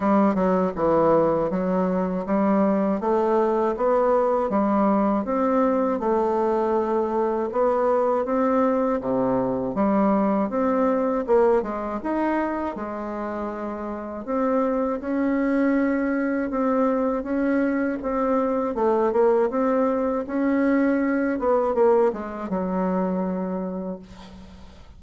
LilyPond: \new Staff \with { instrumentName = "bassoon" } { \time 4/4 \tempo 4 = 80 g8 fis8 e4 fis4 g4 | a4 b4 g4 c'4 | a2 b4 c'4 | c4 g4 c'4 ais8 gis8 |
dis'4 gis2 c'4 | cis'2 c'4 cis'4 | c'4 a8 ais8 c'4 cis'4~ | cis'8 b8 ais8 gis8 fis2 | }